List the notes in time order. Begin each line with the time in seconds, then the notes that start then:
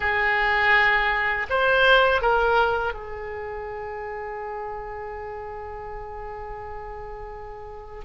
0.00 G#4
1.49 C5
2.22 A#4
2.93 G#4